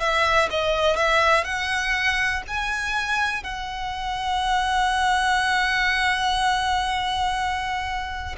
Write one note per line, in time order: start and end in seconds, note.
0.00 0.49 E5
0.51 0.97 D#5
0.97 1.45 E5
1.45 2.43 F#5
2.48 3.44 G#5
3.44 8.36 F#5